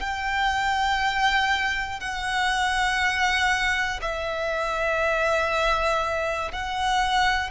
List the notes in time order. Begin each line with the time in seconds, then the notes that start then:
0.00 G5
2.00 F#5
4.02 E5
6.52 F#5